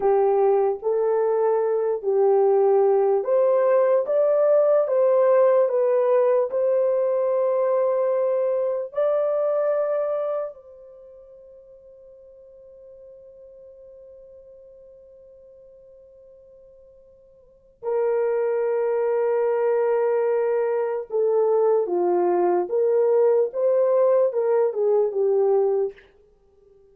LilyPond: \new Staff \with { instrumentName = "horn" } { \time 4/4 \tempo 4 = 74 g'4 a'4. g'4. | c''4 d''4 c''4 b'4 | c''2. d''4~ | d''4 c''2.~ |
c''1~ | c''2 ais'2~ | ais'2 a'4 f'4 | ais'4 c''4 ais'8 gis'8 g'4 | }